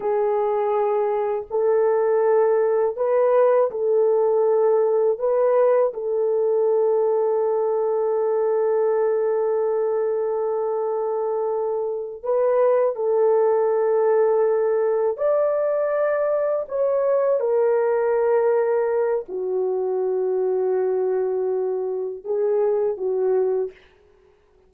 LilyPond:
\new Staff \with { instrumentName = "horn" } { \time 4/4 \tempo 4 = 81 gis'2 a'2 | b'4 a'2 b'4 | a'1~ | a'1~ |
a'8 b'4 a'2~ a'8~ | a'8 d''2 cis''4 ais'8~ | ais'2 fis'2~ | fis'2 gis'4 fis'4 | }